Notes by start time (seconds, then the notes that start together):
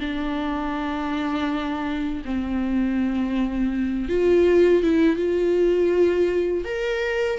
0.00 D4
2.25 C4
4.09 F4
4.83 E4
5.16 F4
6.65 A#4